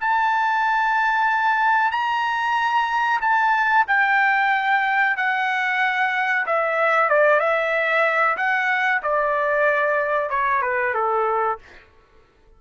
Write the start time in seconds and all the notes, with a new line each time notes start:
0.00 A5
1.91 A#5
3.21 A5
3.87 G5
5.16 F#5
6.46 E5
7.09 D5
7.40 E5
8.37 F#5
9.03 D5
10.30 C#5
10.62 B4
10.94 A4